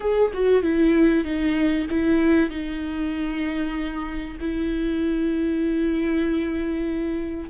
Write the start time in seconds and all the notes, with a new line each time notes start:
0.00 G#4
0.33 F#4
0.62 E4
1.24 D#4
1.89 E4
2.49 D#4
4.39 E4